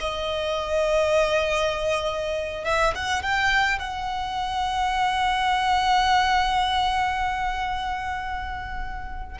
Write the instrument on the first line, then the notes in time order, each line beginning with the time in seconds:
violin
0.00 D#5
2.64 E5
2.95 F#5
3.22 G5
3.79 F#5